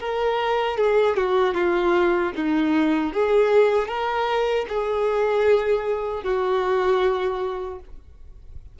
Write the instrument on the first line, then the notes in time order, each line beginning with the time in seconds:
violin
0.00 A#4
0.78 G#4
1.17 F#4
1.54 F4
2.36 D#4
3.13 G#4
3.88 A#4
4.69 G#4
6.23 F#4